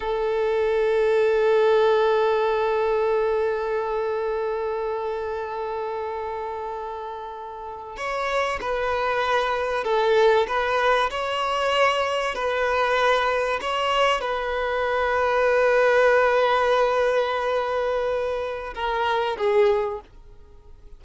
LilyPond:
\new Staff \with { instrumentName = "violin" } { \time 4/4 \tempo 4 = 96 a'1~ | a'1~ | a'1~ | a'8. cis''4 b'2 a'16~ |
a'8. b'4 cis''2 b'16~ | b'4.~ b'16 cis''4 b'4~ b'16~ | b'1~ | b'2 ais'4 gis'4 | }